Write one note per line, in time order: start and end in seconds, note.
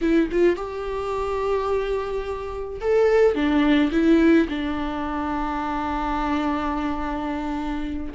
0.01 0.29 E4
0.31 0.56 F4
0.56 2.80 G4
2.80 3.34 A4
3.34 3.90 D4
3.91 4.47 E4
4.48 8.13 D4